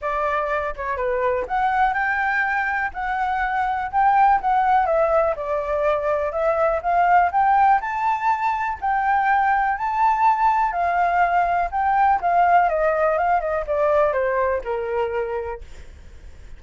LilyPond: \new Staff \with { instrumentName = "flute" } { \time 4/4 \tempo 4 = 123 d''4. cis''8 b'4 fis''4 | g''2 fis''2 | g''4 fis''4 e''4 d''4~ | d''4 e''4 f''4 g''4 |
a''2 g''2 | a''2 f''2 | g''4 f''4 dis''4 f''8 dis''8 | d''4 c''4 ais'2 | }